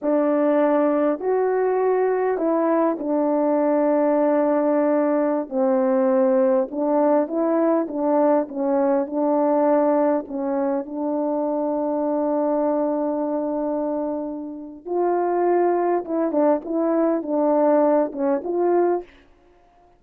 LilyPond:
\new Staff \with { instrumentName = "horn" } { \time 4/4 \tempo 4 = 101 d'2 fis'2 | e'4 d'2.~ | d'4~ d'16 c'2 d'8.~ | d'16 e'4 d'4 cis'4 d'8.~ |
d'4~ d'16 cis'4 d'4.~ d'16~ | d'1~ | d'4 f'2 e'8 d'8 | e'4 d'4. cis'8 f'4 | }